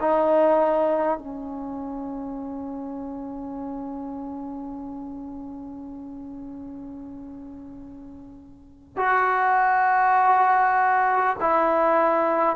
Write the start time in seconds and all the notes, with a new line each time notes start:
0.00 D#4
1.18 C#4
8.97 F#4
11.40 E4